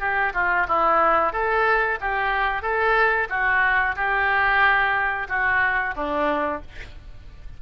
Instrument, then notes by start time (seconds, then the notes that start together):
oboe
0.00 G4
0.34 F4
0.68 E4
1.32 A4
2.00 G4
2.62 A4
3.29 F#4
3.96 G4
5.29 F#4
5.96 D4